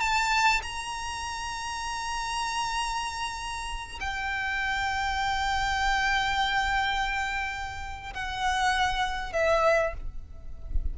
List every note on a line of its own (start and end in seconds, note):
0.00 0.61 A5
0.62 3.99 A#5
4.00 8.13 G5
8.14 9.33 F#5
9.33 9.94 E5